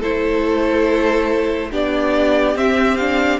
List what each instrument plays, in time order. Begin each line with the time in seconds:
0.00 cello A3, viola E4, violin A4 C5
1.71 cello B3, viola D4, violin G4 D5
2.55 viola C4, cello C4, violin E5
2.97 viola D4, violin F5